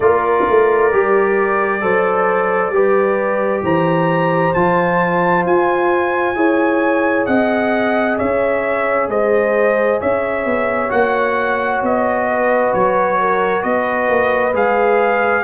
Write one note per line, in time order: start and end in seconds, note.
0.00 0.44 A#3
0.00 0.91 F4
0.00 1.82 A#4
0.00 3.62 D5
0.49 0.93 A3
0.91 1.82 G3
0.91 1.81 G4
1.81 2.70 F#3
1.81 2.72 A4
1.81 2.73 C5
2.70 3.61 G3
2.70 4.55 G4
2.70 3.64 B4
3.62 4.53 E3
3.62 6.36 C5
3.62 4.54 A#5
4.54 5.45 F3
4.54 6.34 F4
4.54 5.45 A5
5.45 6.35 F4
5.45 7.26 G#5
6.34 7.26 E4
6.34 10.88 G#4
6.34 7.27 C#5
7.26 8.18 C4
7.26 8.18 D#5
7.26 8.17 F#5
8.18 9.08 C#4
8.18 9.09 C#5
8.18 9.09 E5
9.08 9.99 G#3
9.08 10.00 C5
9.08 10.00 D#5
10.00 10.45 C#4
10.00 12.27 C#5
10.00 10.91 E5
10.45 10.90 B3
10.88 11.82 A#3
10.88 14.52 F#4
10.88 11.81 F#5
11.82 12.73 B3
11.82 12.73 D#5
12.29 13.20 B4
12.73 13.64 F#3
12.73 13.62 C#5
13.20 13.63 A#4
13.62 14.08 B3
13.62 15.43 B4
13.62 14.53 D#5
14.08 14.54 A#3
14.53 15.43 G#3
14.53 15.43 G#4
14.53 15.43 F5